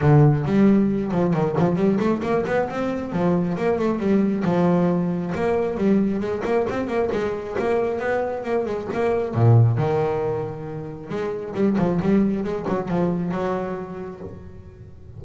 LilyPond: \new Staff \with { instrumentName = "double bass" } { \time 4/4 \tempo 4 = 135 d4 g4. f8 dis8 f8 | g8 a8 ais8 b8 c'4 f4 | ais8 a8 g4 f2 | ais4 g4 gis8 ais8 c'8 ais8 |
gis4 ais4 b4 ais8 gis8 | ais4 ais,4 dis2~ | dis4 gis4 g8 f8 g4 | gis8 fis8 f4 fis2 | }